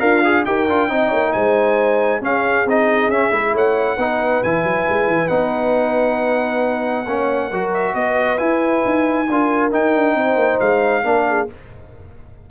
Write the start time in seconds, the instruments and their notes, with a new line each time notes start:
0.00 tuba D4, horn F4, trombone A#4, trumpet F5
0.25 trombone G#4
0.45 tuba D#4, trombone G4, horn A#4, trumpet G5
0.68 tuba D4, trombone F4
0.89 tuba C4, trombone D#4, horn D#5
1.08 tuba A#3, horn C#5
1.33 tuba G#3, horn C5, trumpet G#5
2.21 tuba C#4, trombone C#4, horn G#4, trumpet F5
2.65 tuba C4, trombone D#4, trumpet D#5
3.09 tuba C#4, trombone C#4, trumpet E5
3.32 tuba G#3, trombone E4
3.53 tuba A3, horn C#5, trumpet F#5
3.97 tuba B3, trombone D#4, horn B4
4.43 tuba E3, trombone E4, trumpet G#5
4.64 tuba F#3
4.89 tuba G#3
5.07 tuba E3
5.28 tuba B3, trombone D#4, trumpet F#5
7.07 tuba A#3, trombone C#4, horn C#5
7.50 tuba F#3, trombone F#4, horn A#4
7.74 trumpet E5
7.95 tuba B3, horn B4, trumpet D#5
8.38 trombone E4, tuba E4, trumpet G#5
8.85 tuba D#4
9.30 tuba D4, trombone F4, horn A#4
9.71 trombone D#4, tuba D#4, trumpet G5
9.95 tuba D4
10.15 tuba C4, horn C5
10.35 tuba A#3
10.60 tuba G#3, trumpet F5
11.03 tuba A#3, trombone D4, horn A#4
11.28 horn G#4